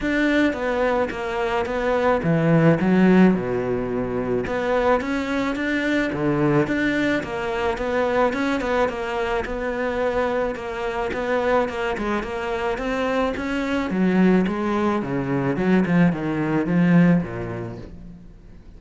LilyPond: \new Staff \with { instrumentName = "cello" } { \time 4/4 \tempo 4 = 108 d'4 b4 ais4 b4 | e4 fis4 b,2 | b4 cis'4 d'4 d4 | d'4 ais4 b4 cis'8 b8 |
ais4 b2 ais4 | b4 ais8 gis8 ais4 c'4 | cis'4 fis4 gis4 cis4 | fis8 f8 dis4 f4 ais,4 | }